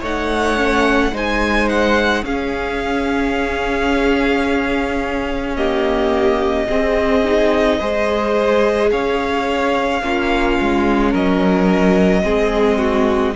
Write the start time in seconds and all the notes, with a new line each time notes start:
0.00 A3 D#4 C#5 F#5
0.56 C#4
1.12 G#3 D#4 C5 G#5
1.69 F#5
2.23 C#4 G#4 F5
5.57 A#3 G4 D#5
6.69 C4 G#4
7.25 D#4
7.78 G#3 G#4 C5
8.91 C#4 C#5 F5
10.02 A#3 C#4 F4
10.61 G#3
11.11 F#3 A#4 D#5
12.23 G#3 C4 G#4
12.78 F#4